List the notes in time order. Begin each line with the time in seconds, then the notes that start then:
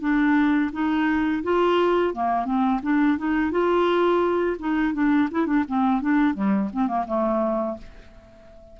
0.00 D4
0.72 D#4
1.43 F4
2.14 A#3
2.44 C4
2.82 D4
3.18 D#4
3.51 F4
4.59 D#4
4.93 D4
5.31 E4
5.46 D4
5.68 C4
6.01 D4
6.33 G3
6.72 C4
6.87 A#3
7.07 A3